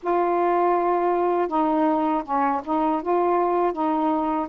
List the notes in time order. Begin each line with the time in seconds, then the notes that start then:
0.02 F4
1.48 D#4
2.24 C#4
2.64 D#4
3.02 F4
3.72 D#4